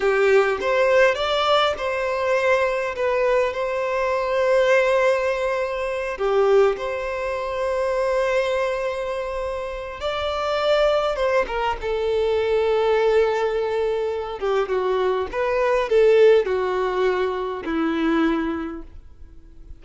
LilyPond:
\new Staff \with { instrumentName = "violin" } { \time 4/4 \tempo 4 = 102 g'4 c''4 d''4 c''4~ | c''4 b'4 c''2~ | c''2~ c''8 g'4 c''8~ | c''1~ |
c''4 d''2 c''8 ais'8 | a'1~ | a'8 g'8 fis'4 b'4 a'4 | fis'2 e'2 | }